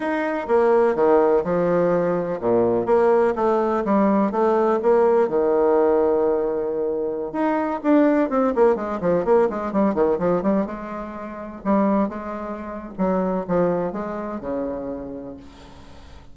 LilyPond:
\new Staff \with { instrumentName = "bassoon" } { \time 4/4 \tempo 4 = 125 dis'4 ais4 dis4 f4~ | f4 ais,4 ais4 a4 | g4 a4 ais4 dis4~ | dis2.~ dis16 dis'8.~ |
dis'16 d'4 c'8 ais8 gis8 f8 ais8 gis16~ | gis16 g8 dis8 f8 g8 gis4.~ gis16~ | gis16 g4 gis4.~ gis16 fis4 | f4 gis4 cis2 | }